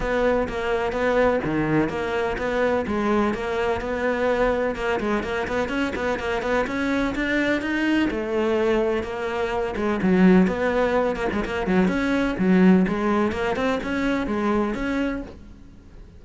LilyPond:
\new Staff \with { instrumentName = "cello" } { \time 4/4 \tempo 4 = 126 b4 ais4 b4 dis4 | ais4 b4 gis4 ais4 | b2 ais8 gis8 ais8 b8 | cis'8 b8 ais8 b8 cis'4 d'4 |
dis'4 a2 ais4~ | ais8 gis8 fis4 b4. ais16 gis16 | ais8 fis8 cis'4 fis4 gis4 | ais8 c'8 cis'4 gis4 cis'4 | }